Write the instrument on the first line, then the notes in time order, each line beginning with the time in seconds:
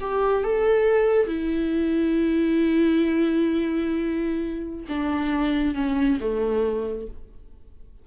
viola
0.00 G4
0.43 A4
1.26 E4
4.88 D4
5.74 C#4
6.20 A3